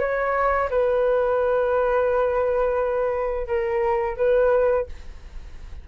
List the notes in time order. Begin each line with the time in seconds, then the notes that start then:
0.00 C#5
0.70 B4
3.48 A#4
4.17 B4